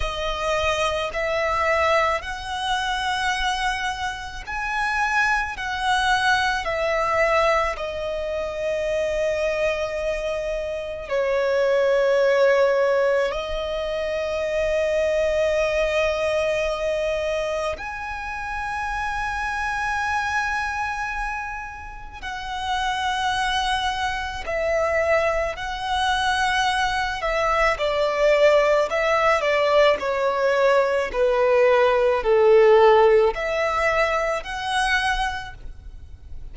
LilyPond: \new Staff \with { instrumentName = "violin" } { \time 4/4 \tempo 4 = 54 dis''4 e''4 fis''2 | gis''4 fis''4 e''4 dis''4~ | dis''2 cis''2 | dis''1 |
gis''1 | fis''2 e''4 fis''4~ | fis''8 e''8 d''4 e''8 d''8 cis''4 | b'4 a'4 e''4 fis''4 | }